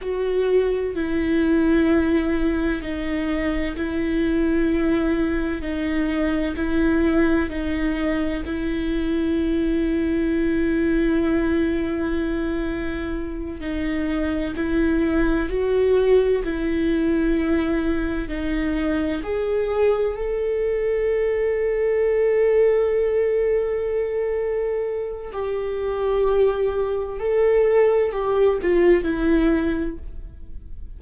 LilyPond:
\new Staff \with { instrumentName = "viola" } { \time 4/4 \tempo 4 = 64 fis'4 e'2 dis'4 | e'2 dis'4 e'4 | dis'4 e'2.~ | e'2~ e'8 dis'4 e'8~ |
e'8 fis'4 e'2 dis'8~ | dis'8 gis'4 a'2~ a'8~ | a'2. g'4~ | g'4 a'4 g'8 f'8 e'4 | }